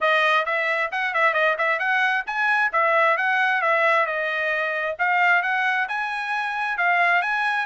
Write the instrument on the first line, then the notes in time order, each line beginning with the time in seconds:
trumpet
0.00 D#5
0.45 E5
0.91 F#5
1.14 E5
1.33 D#5
1.58 E5
1.79 F#5
2.26 G#5
2.72 E5
3.17 F#5
3.61 E5
4.05 D#5
4.98 F5
5.42 F#5
5.88 G#5
6.77 F5
7.21 G#5